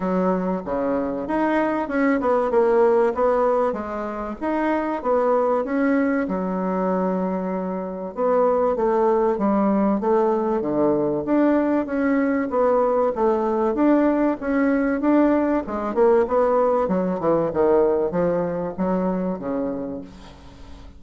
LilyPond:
\new Staff \with { instrumentName = "bassoon" } { \time 4/4 \tempo 4 = 96 fis4 cis4 dis'4 cis'8 b8 | ais4 b4 gis4 dis'4 | b4 cis'4 fis2~ | fis4 b4 a4 g4 |
a4 d4 d'4 cis'4 | b4 a4 d'4 cis'4 | d'4 gis8 ais8 b4 fis8 e8 | dis4 f4 fis4 cis4 | }